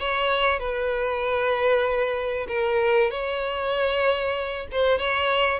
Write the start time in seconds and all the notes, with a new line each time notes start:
0.00 C#5
0.60 B4
2.49 A#4
3.11 C#5
4.72 C5
4.99 C#5